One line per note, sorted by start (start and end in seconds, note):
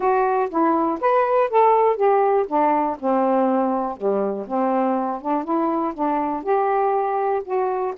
0.00 0.49 F#4
0.50 0.99 E4
1.00 1.50 B4
1.50 1.96 A4
1.96 2.46 G4
2.47 2.97 D4
2.99 3.96 C4
3.96 4.46 G3
4.47 5.21 C4
5.21 5.43 D4
5.43 5.93 E4
5.93 6.43 D4
6.43 7.42 G4
7.44 7.93 F#4